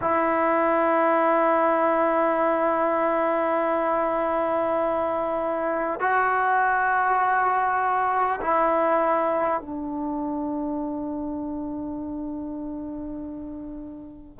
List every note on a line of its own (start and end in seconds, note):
0.01 5.99 E4
5.99 8.39 F#4
8.41 9.60 E4
9.60 14.39 D4